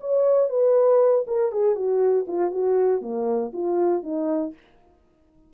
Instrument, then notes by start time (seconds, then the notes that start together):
horn
0.00 C#5
0.49 B4
1.27 A#4
1.52 G#4
1.76 F#4
2.27 F4
2.51 F#4
3.01 A#3
3.53 F4
4.03 D#4